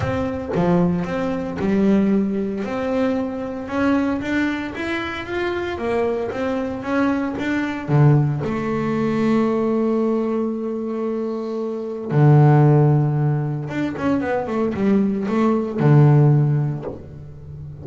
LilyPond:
\new Staff \with { instrumentName = "double bass" } { \time 4/4 \tempo 4 = 114 c'4 f4 c'4 g4~ | g4 c'2 cis'4 | d'4 e'4 f'4 ais4 | c'4 cis'4 d'4 d4 |
a1~ | a2. d4~ | d2 d'8 cis'8 b8 a8 | g4 a4 d2 | }